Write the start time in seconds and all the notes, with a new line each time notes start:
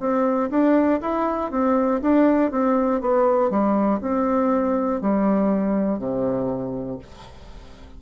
0.00 C4
0.50 D4
1.01 E4
1.51 C4
2.02 D4
2.51 C4
3.01 B3
3.50 G3
4.01 C4
5.01 G3
5.99 C3